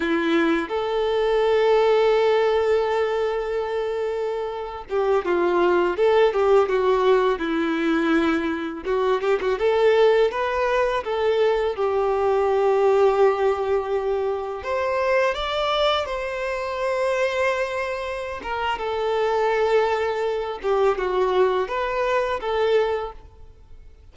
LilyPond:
\new Staff \with { instrumentName = "violin" } { \time 4/4 \tempo 4 = 83 e'4 a'2.~ | a'2~ a'8. g'8 f'8.~ | f'16 a'8 g'8 fis'4 e'4.~ e'16~ | e'16 fis'8 g'16 fis'16 a'4 b'4 a'8.~ |
a'16 g'2.~ g'8.~ | g'16 c''4 d''4 c''4.~ c''16~ | c''4. ais'8 a'2~ | a'8 g'8 fis'4 b'4 a'4 | }